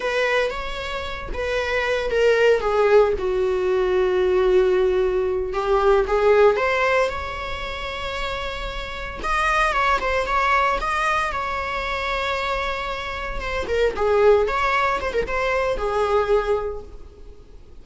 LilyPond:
\new Staff \with { instrumentName = "viola" } { \time 4/4 \tempo 4 = 114 b'4 cis''4. b'4. | ais'4 gis'4 fis'2~ | fis'2~ fis'8 g'4 gis'8~ | gis'8 c''4 cis''2~ cis''8~ |
cis''4. dis''4 cis''8 c''8 cis''8~ | cis''8 dis''4 cis''2~ cis''8~ | cis''4. c''8 ais'8 gis'4 cis''8~ | cis''8 c''16 ais'16 c''4 gis'2 | }